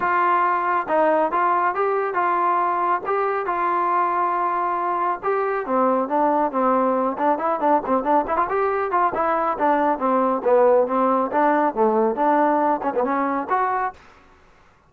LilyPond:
\new Staff \with { instrumentName = "trombone" } { \time 4/4 \tempo 4 = 138 f'2 dis'4 f'4 | g'4 f'2 g'4 | f'1 | g'4 c'4 d'4 c'4~ |
c'8 d'8 e'8 d'8 c'8 d'8 e'16 f'16 g'8~ | g'8 f'8 e'4 d'4 c'4 | b4 c'4 d'4 a4 | d'4. cis'16 b16 cis'4 fis'4 | }